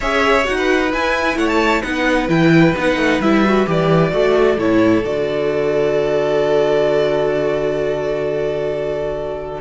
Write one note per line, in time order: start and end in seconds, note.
0.00 0.46 C#4
0.00 0.44 G#4
0.00 0.56 C#5
0.00 0.46 E5
0.44 0.93 D#4
0.44 0.90 F#4
0.44 0.92 F#5
0.57 1.37 B4
0.93 1.36 E4
0.93 1.83 E4
0.93 1.37 G#5
1.36 1.82 A3
1.36 1.82 C#5
1.36 1.48 F#5
1.48 1.82 A5
1.82 2.28 B3
1.82 2.28 D#4
1.82 4.11 B4
1.82 2.28 F#5
2.28 2.74 E3
2.28 2.74 E4
2.28 2.75 G5
2.75 2.96 B3
2.75 3.22 D#4
2.75 3.21 F#5
2.96 3.19 A3
3.20 3.66 G3
3.20 3.45 E4
3.20 3.67 E5
3.45 3.66 F#4
3.66 4.12 E3
3.66 4.10 G4
3.66 4.59 D5
4.10 4.58 A3
4.10 4.56 F#4
4.10 9.60 A4
4.58 5.04 A2
4.58 5.04 E4
4.58 5.04 C#5
5.04 9.60 D3
5.04 9.60 F#4
5.04 9.60 D5